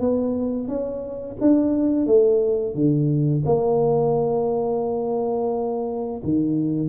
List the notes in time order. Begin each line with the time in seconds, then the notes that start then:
0.00 B3
0.68 C#4
1.41 D4
2.06 A3
2.75 D3
3.45 A#3
6.24 D#3